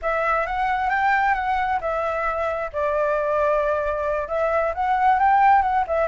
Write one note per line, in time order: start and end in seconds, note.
0.01 0.46 E5
0.46 0.89 F#5
0.89 1.34 G5
1.34 1.79 F#5
1.80 2.71 E5
2.73 4.28 D5
4.28 4.73 E5
4.74 5.19 F#5
5.19 5.62 G5
5.62 5.84 F#5
5.87 6.07 E5